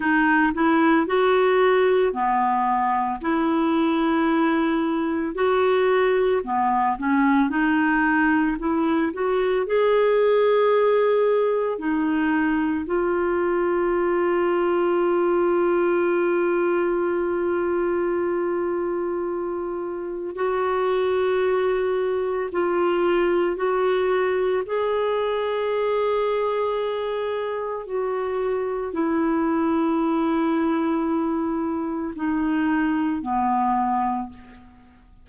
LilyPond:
\new Staff \with { instrumentName = "clarinet" } { \time 4/4 \tempo 4 = 56 dis'8 e'8 fis'4 b4 e'4~ | e'4 fis'4 b8 cis'8 dis'4 | e'8 fis'8 gis'2 dis'4 | f'1~ |
f'2. fis'4~ | fis'4 f'4 fis'4 gis'4~ | gis'2 fis'4 e'4~ | e'2 dis'4 b4 | }